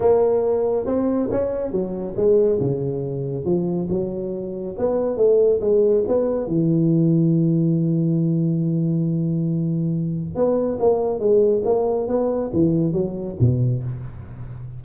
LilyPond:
\new Staff \with { instrumentName = "tuba" } { \time 4/4 \tempo 4 = 139 ais2 c'4 cis'4 | fis4 gis4 cis2 | f4 fis2 b4 | a4 gis4 b4 e4~ |
e1~ | e1 | b4 ais4 gis4 ais4 | b4 e4 fis4 b,4 | }